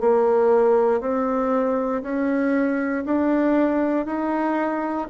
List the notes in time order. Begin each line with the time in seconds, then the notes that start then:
0.00 A#3
1.01 C4
2.03 C#4
3.06 D4
4.06 D#4